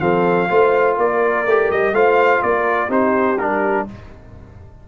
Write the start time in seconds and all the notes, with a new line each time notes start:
0.00 F3 C4 A4 F5
0.49 A3 F4 C5
0.97 A#3 A#4 D5
1.45 A3 G4
1.71 G3 D#5
1.92 A3 F4 C5 F5
2.42 A#3 A#4 D5
2.88 C4 D#4 G4 C5
3.37 G3 D4 A#4